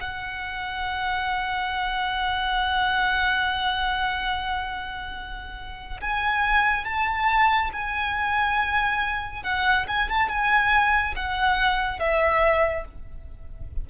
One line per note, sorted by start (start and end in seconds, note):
0.00 6.00 F#5
6.00 6.85 G#5
6.85 7.70 A5
7.73 9.43 G#5
9.43 9.86 F#5
9.87 10.09 G#5
10.09 10.28 A5
10.28 11.14 G#5
11.15 11.99 F#5
11.99 12.85 E5